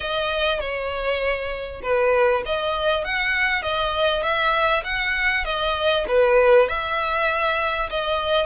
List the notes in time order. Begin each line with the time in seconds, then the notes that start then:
0.00 D#5
0.60 C#5
1.82 B4
2.45 D#5
3.04 F#5
3.62 D#5
4.22 E5
4.84 F#5
5.44 D#5
6.07 B4
6.68 E5
7.90 D#5